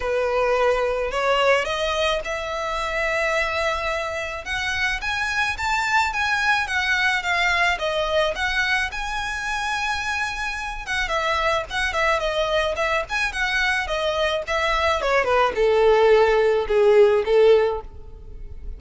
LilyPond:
\new Staff \with { instrumentName = "violin" } { \time 4/4 \tempo 4 = 108 b'2 cis''4 dis''4 | e''1 | fis''4 gis''4 a''4 gis''4 | fis''4 f''4 dis''4 fis''4 |
gis''2.~ gis''8 fis''8 | e''4 fis''8 e''8 dis''4 e''8 gis''8 | fis''4 dis''4 e''4 cis''8 b'8 | a'2 gis'4 a'4 | }